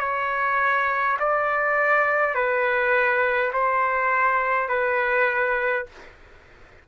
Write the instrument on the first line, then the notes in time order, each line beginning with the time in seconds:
trumpet
0.00 C#5
1.20 D5
2.35 B4
3.53 C5
4.68 B4